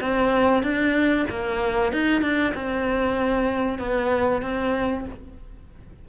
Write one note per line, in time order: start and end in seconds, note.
0.00 0.63 C4
0.63 1.26 D4
1.29 1.92 A#3
1.92 2.22 D#4
2.22 2.53 D4
2.54 3.79 C4
3.79 4.42 B3
4.42 5.05 C4